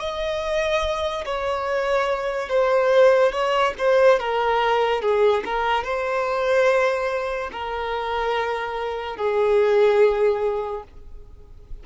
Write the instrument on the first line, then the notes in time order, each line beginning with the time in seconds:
violin
0.00 D#5
1.26 C#5
2.49 C5
3.33 C#5
3.78 C5
4.20 A#4
5.02 G#4
5.45 A#4
5.84 C5
7.53 A#4
9.17 G#4